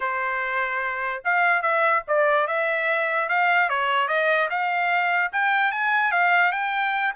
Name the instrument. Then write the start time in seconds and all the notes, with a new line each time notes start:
trumpet
0.00 C5
1.24 F5
1.62 E5
2.07 D5
2.47 E5
3.29 F5
3.69 C#5
4.08 D#5
4.50 F5
5.32 G5
5.71 G#5
6.11 F5
6.52 G5